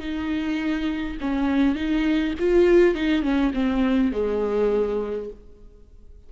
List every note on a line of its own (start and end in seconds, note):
0.00 1.18 D#4
1.21 1.76 C#4
1.76 2.34 D#4
2.40 2.95 F4
2.95 3.22 D#4
3.22 3.52 C#4
3.54 4.12 C4
4.12 5.30 G#3